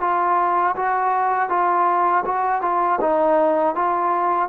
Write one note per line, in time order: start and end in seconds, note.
0.00 0.75 F4
0.75 1.49 F#4
1.49 2.24 F4
2.25 2.61 F#4
2.61 2.99 F4
3.00 3.75 D#4
3.75 4.48 F4